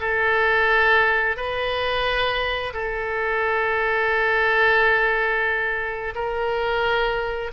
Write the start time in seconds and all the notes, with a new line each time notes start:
0.00 A4
1.36 B4
2.73 A4
6.15 A#4